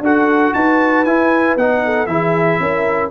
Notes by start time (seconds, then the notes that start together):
0.00 D4 F#4 A4 F#5
0.53 D#4 B4 A5
1.04 E4 G#5
1.56 B3 D#4 F#5
1.85 A4
2.06 E3 E4 G#4 E5
2.60 C#4 A#4